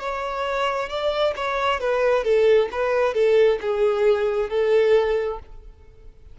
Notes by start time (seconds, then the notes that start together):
0.00 C#5
0.90 D5
1.36 C#5
1.80 B4
2.24 A4
2.72 B4
3.15 A4
3.62 G#4
4.50 A4